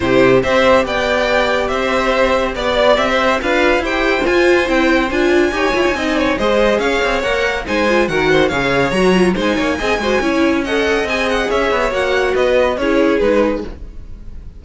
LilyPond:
<<
  \new Staff \with { instrumentName = "violin" } { \time 4/4 \tempo 4 = 141 c''4 e''4 g''2 | e''2 d''4 e''4 | f''4 g''4 gis''4 g''4 | gis''2. dis''4 |
f''4 fis''4 gis''4 fis''4 | f''4 ais''4 gis''2~ | gis''4 fis''4 gis''8 fis''8 e''4 | fis''4 dis''4 cis''4 b'4 | }
  \new Staff \with { instrumentName = "violin" } { \time 4/4 g'4 c''4 d''2 | c''2 d''4~ d''16 c''8. | b'4 c''2.~ | c''4 cis''4 dis''8 cis''8 c''4 |
cis''2 c''4 ais'8 c''8 | cis''2 c''8 cis''8 dis''8 c''8 | cis''4 dis''2 cis''4~ | cis''4 b'4 gis'2 | }
  \new Staff \with { instrumentName = "viola" } { \time 4/4 e'4 g'2.~ | g'1 | f'4 g'4 f'4 e'4 | f'4 g'8 f'8 dis'4 gis'4~ |
gis'4 ais'4 dis'8 f'8 fis'4 | gis'4 fis'8 f'8 dis'4 gis'8 fis'8 | e'4 a'4 gis'2 | fis'2 e'4 dis'4 | }
  \new Staff \with { instrumentName = "cello" } { \time 4/4 c4 c'4 b2 | c'2 b4 c'4 | d'4 e'4 f'4 c'4 | d'4 dis'8 e'16 dis'16 c'4 gis4 |
cis'8 c'8 ais4 gis4 dis4 | cis4 fis4 gis8 ais8 c'8 gis8 | cis'2 c'4 cis'8 b8 | ais4 b4 cis'4 gis4 | }
>>